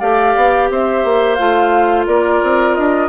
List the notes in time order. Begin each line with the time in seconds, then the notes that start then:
0.00 A3 G4 D5 F5
0.35 B3
0.70 C4 C5 E5
1.04 A#3
1.35 A3 F4 F5
2.07 A#3 A#4 D5
2.43 C4
2.75 D4 D#5